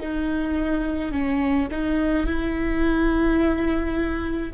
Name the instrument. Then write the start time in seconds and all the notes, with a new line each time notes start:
viola
0.00 D#4
1.12 C#4
1.71 D#4
2.26 E4